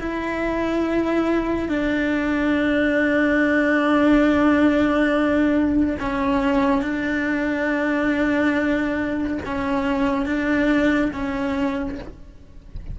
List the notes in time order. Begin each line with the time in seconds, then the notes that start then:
0.00 E4
1.69 D4
6.00 C#4
6.82 D4
9.46 C#4
10.26 D4
11.13 C#4